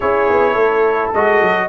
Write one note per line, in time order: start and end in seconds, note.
0.00 0.29 C#4
0.00 1.14 E4
0.00 0.53 G#4
0.00 1.11 C#5
0.29 0.55 B3
0.53 1.12 A3
0.53 1.66 A4
1.13 1.41 G#3
1.13 1.69 F#4
1.13 1.69 D#5
1.41 1.69 F#3